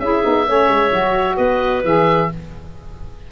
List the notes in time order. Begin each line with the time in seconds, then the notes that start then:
0.00 C#4 E4 G#4 E5
0.23 B3 D#4
0.47 A3 C#4 C#5
0.69 G#3
0.91 F#3 F#4
1.37 B3 B4 D#5
1.85 E3 G#4 E5